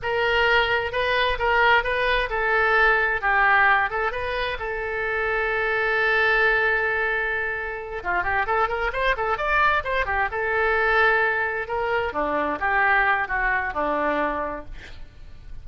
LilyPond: \new Staff \with { instrumentName = "oboe" } { \time 4/4 \tempo 4 = 131 ais'2 b'4 ais'4 | b'4 a'2 g'4~ | g'8 a'8 b'4 a'2~ | a'1~ |
a'4. f'8 g'8 a'8 ais'8 c''8 | a'8 d''4 c''8 g'8 a'4.~ | a'4. ais'4 d'4 g'8~ | g'4 fis'4 d'2 | }